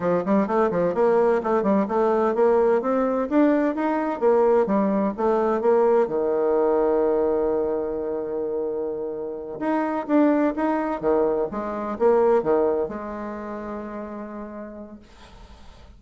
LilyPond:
\new Staff \with { instrumentName = "bassoon" } { \time 4/4 \tempo 4 = 128 f8 g8 a8 f8 ais4 a8 g8 | a4 ais4 c'4 d'4 | dis'4 ais4 g4 a4 | ais4 dis2.~ |
dis1~ | dis8 dis'4 d'4 dis'4 dis8~ | dis8 gis4 ais4 dis4 gis8~ | gis1 | }